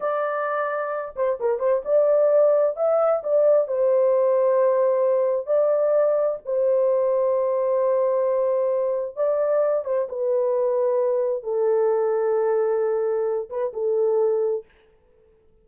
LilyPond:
\new Staff \with { instrumentName = "horn" } { \time 4/4 \tempo 4 = 131 d''2~ d''8 c''8 ais'8 c''8 | d''2 e''4 d''4 | c''1 | d''2 c''2~ |
c''1 | d''4. c''8 b'2~ | b'4 a'2.~ | a'4. b'8 a'2 | }